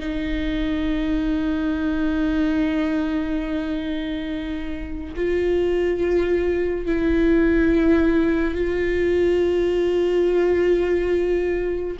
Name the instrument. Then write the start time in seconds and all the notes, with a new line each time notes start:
viola
0.00 D#4
5.16 F4
6.86 E4
8.55 F4